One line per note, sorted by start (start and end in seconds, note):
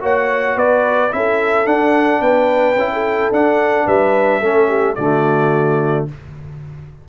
0.00 0.56 A#3
0.00 1.10 F#4
0.00 0.56 C#5
0.00 0.58 F#5
0.56 1.11 B3
0.56 1.11 B4
0.56 1.13 D5
1.11 1.65 C#4
1.11 1.65 E4
1.11 2.22 A4
1.11 1.67 E5
1.65 2.75 D4
1.65 2.21 D4
1.65 2.22 F#5
2.21 2.75 B3
2.21 2.91 B4
2.21 3.32 G5
2.75 3.30 C#4
2.75 3.33 E4
2.93 3.86 A4
3.31 3.86 D4
3.31 4.42 D4
3.31 3.87 F#5
3.86 4.42 G3
3.86 4.40 B4
3.86 4.95 E5
4.40 4.97 A3
4.40 4.97 C#4
4.40 4.68 A4
4.68 4.96 G4
4.95 6.08 D3
4.95 6.08 A3
4.95 6.08 F#4
4.95 6.05 D5